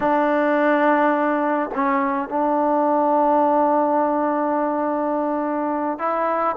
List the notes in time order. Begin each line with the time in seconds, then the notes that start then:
0.00 D4
1.74 C#4
2.29 D4
5.98 E4